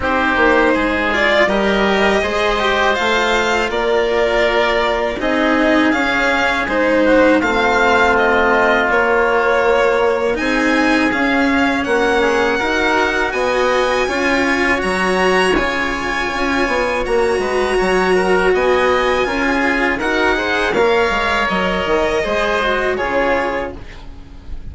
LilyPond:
<<
  \new Staff \with { instrumentName = "violin" } { \time 4/4 \tempo 4 = 81 c''4. d''8 dis''2 | f''4 d''2 dis''4 | f''4 c''4 f''4 dis''4 | cis''2 gis''4 f''4 |
fis''2 gis''2 | ais''4 gis''2 ais''4~ | ais''4 gis''2 fis''4 | f''4 dis''2 cis''4 | }
  \new Staff \with { instrumentName = "oboe" } { \time 4/4 g'4 gis'4 ais'4 c''4~ | c''4 ais'2 gis'4~ | gis'4. fis'8 f'2~ | f'2 gis'2 |
fis'8 gis'8 ais'4 dis''4 cis''4~ | cis''2.~ cis''8 b'8 | cis''8 ais'8 dis''4 ais'16 gis'8. ais'8 c''8 | cis''2 c''4 gis'4 | }
  \new Staff \with { instrumentName = "cello" } { \time 4/4 dis'4. f'8 g'4 gis'8 g'8 | f'2. dis'4 | cis'4 dis'4 c'2 | ais2 dis'4 cis'4~ |
cis'4 fis'2 f'4 | fis'4 f'2 fis'4~ | fis'2 f'4 fis'8 gis'8 | ais'2 gis'8 fis'8 f'4 | }
  \new Staff \with { instrumentName = "bassoon" } { \time 4/4 c'8 ais8 gis4 g4 gis4 | a4 ais2 c'4 | cis'4 gis4 a2 | ais2 c'4 cis'4 |
ais4 dis'4 b4 cis'4 | fis4 cis4 cis'8 b8 ais8 gis8 | fis4 b4 cis'4 dis'4 | ais8 gis8 fis8 dis8 gis4 cis4 | }
>>